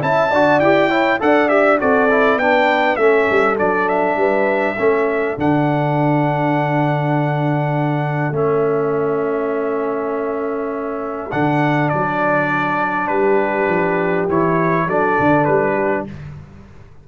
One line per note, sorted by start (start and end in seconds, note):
0.00 0.33 C#4
0.00 0.30 E4
0.00 0.31 E5
0.00 0.60 A5
0.31 0.60 D4
0.31 0.63 F#4
0.31 0.90 D5
0.60 1.20 E4
0.60 0.91 G4
0.60 1.20 G5
0.90 1.20 E4
0.90 1.19 C#5
1.20 1.82 D4
1.20 1.49 A4
1.20 1.82 D5
1.20 1.49 F#5
1.49 1.79 G4
1.49 1.79 E5
1.79 2.37 C4
1.79 2.09 F#4
1.79 2.41 A4
1.79 2.39 D5
2.11 2.41 E4
2.37 2.96 B3
2.37 2.99 D4
2.37 3.02 B4
2.37 2.97 G5
2.97 3.27 A3
2.97 3.58 C#4
2.97 4.19 A4
2.97 3.56 E5
3.31 3.60 G3
3.58 4.16 F#3
3.58 4.77 D4
3.58 3.89 D5
3.89 5.38 E5
4.16 4.76 G3
4.16 4.78 B4
4.78 5.38 A3
4.78 5.38 C#4
4.78 13.08 A4
5.38 8.32 D3
5.38 8.34 D4
5.38 8.36 F#5
8.32 11.29 A3
8.32 11.31 C#4
8.32 11.32 E5
11.32 11.93 D3
11.32 14.30 D4
11.32 11.89 F#5
11.89 13.08 F#3
11.89 13.08 D5
13.08 13.68 G3
13.08 14.86 G4
13.08 14.27 B4
13.69 14.28 F3
14.29 14.87 E3
14.29 14.89 E4
14.29 14.89 C#5
14.87 15.17 F#3
14.87 16.08 D4
14.87 15.74 A4
14.87 15.45 D5
15.20 15.47 D3
15.45 16.07 G3
15.45 16.05 B4
15.74 16.04 G4